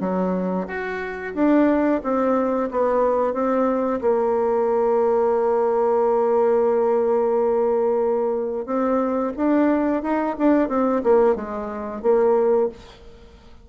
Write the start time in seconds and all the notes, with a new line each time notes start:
0.00 F#3
0.67 F#4
1.34 D4
2.03 C4
2.71 B3
3.33 C4
4.01 A#3
8.66 C4
9.36 D4
10.02 D#4
10.38 D4
10.68 C4
11.03 A#3
11.35 G#3
12.02 A#3